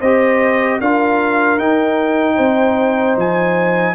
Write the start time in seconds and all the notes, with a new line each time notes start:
0.00 C4 G4 C5 D#5
0.80 D4 F4 A#4 F5
1.58 D#4 G5
2.35 C4 C5
3.16 F3 G#5